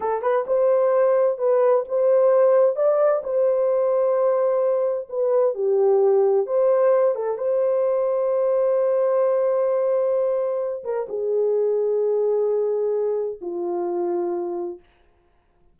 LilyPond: \new Staff \with { instrumentName = "horn" } { \time 4/4 \tempo 4 = 130 a'8 b'8 c''2 b'4 | c''2 d''4 c''4~ | c''2. b'4 | g'2 c''4. a'8 |
c''1~ | c''2.~ c''8 ais'8 | gis'1~ | gis'4 f'2. | }